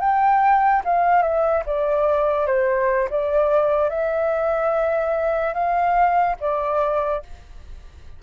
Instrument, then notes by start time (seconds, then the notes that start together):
flute
0.00 G5
0.84 F5
1.22 E5
1.66 D5
2.47 C5
3.09 D5
3.89 E5
5.53 F5
6.40 D5